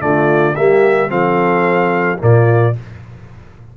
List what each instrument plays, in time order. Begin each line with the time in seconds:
0.00 tuba D3, trombone A3, horn F4, trumpet D5
0.55 tuba G3, trombone A#3, horn G4, trumpet E5
1.08 tuba F3, trombone C4, horn A4, trumpet F5
2.18 tuba A#2, trombone A#3, horn F4, trumpet D5